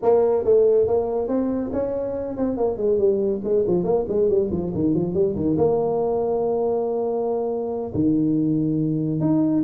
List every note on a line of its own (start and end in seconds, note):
0.02 0.44 A#3
0.44 0.87 A3
0.87 1.28 A#3
1.28 1.71 C4
1.73 2.36 C#4
2.36 2.57 C4
2.57 2.77 A#3
2.77 2.98 G#3
2.98 3.41 G3
3.44 3.65 G#3
3.67 3.84 F3
3.84 4.05 A#3
4.08 4.29 G#3
4.29 4.50 G3
4.51 4.72 F3
4.74 4.93 D#3
4.93 5.13 F3
5.13 5.35 G3
5.35 5.57 D#3
5.57 7.92 A#3
7.94 9.20 D#3
9.20 9.63 D#4